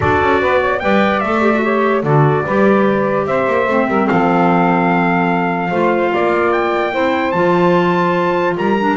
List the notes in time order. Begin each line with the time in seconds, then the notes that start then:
0.00 D4 F#4 A4 D5
0.22 C#4
0.40 B3 B4
0.60 C#5
0.79 G3 B4 D5 G5
1.20 A3 A4 E5
1.41 G4
1.54 F#4
1.62 G4 C#5
2.02 D3 F#4 A4 D5
2.45 G3 G4 B4
3.26 C4 C5 E5
3.47 A#3
3.66 A3 C4
3.87 G3 A#4
4.07 F3 A4 F5
5.70 A3 F4 C5
6.12 A#3 D5
6.52 G5
6.92 C4 E4 C5
7.31 F3 F4 A5
8.56 G3 A#4 A#5
8.79 D4